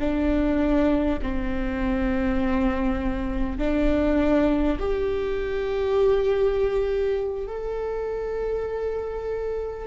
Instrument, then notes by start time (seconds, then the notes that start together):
viola
0.00 D4
1.22 C4
3.58 D4
4.79 G4
7.47 A4